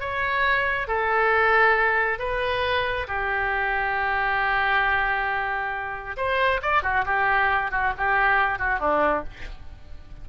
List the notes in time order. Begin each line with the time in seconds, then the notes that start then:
0.00 C#5
0.87 A4
2.19 B4
3.07 G4
6.17 C5
6.62 D5
6.83 F#4
7.05 G4
7.71 F#4
7.97 G4
8.59 F#4
8.80 D4